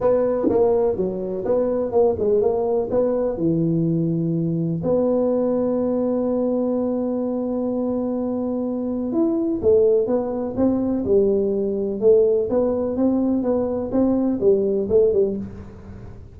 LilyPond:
\new Staff \with { instrumentName = "tuba" } { \time 4/4 \tempo 4 = 125 b4 ais4 fis4 b4 | ais8 gis8 ais4 b4 e4~ | e2 b2~ | b1~ |
b2. e'4 | a4 b4 c'4 g4~ | g4 a4 b4 c'4 | b4 c'4 g4 a8 g8 | }